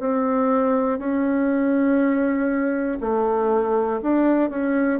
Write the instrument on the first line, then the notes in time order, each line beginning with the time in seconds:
bassoon
0.00 C4
0.99 C#4
3.00 A3
4.02 D4
4.50 C#4